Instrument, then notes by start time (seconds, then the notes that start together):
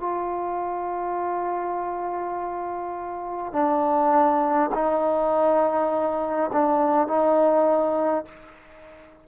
trombone
0.00 F4
3.52 D4
4.74 D#4
6.53 D4
7.07 D#4